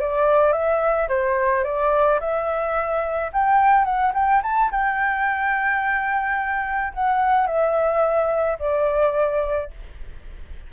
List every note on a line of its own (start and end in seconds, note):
0.00 0.53 D5
0.53 1.08 E5
1.09 1.64 C5
1.64 2.20 D5
2.20 3.31 E5
3.33 3.85 G5
3.85 4.13 F#5
4.14 4.42 G5
4.43 4.71 A5
4.71 6.94 G5
6.94 7.47 F#5
7.47 8.58 E5
8.59 9.70 D5